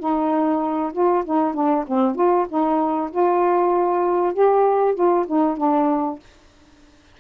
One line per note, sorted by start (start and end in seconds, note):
0.00 0.93 D#4
0.93 1.24 F4
1.25 1.54 D#4
1.54 1.85 D4
1.88 2.16 C4
2.16 2.47 F4
2.49 3.11 D#4
3.12 4.34 F4
4.34 4.95 G4
4.95 5.26 F4
5.27 5.58 D#4
5.58 6.19 D4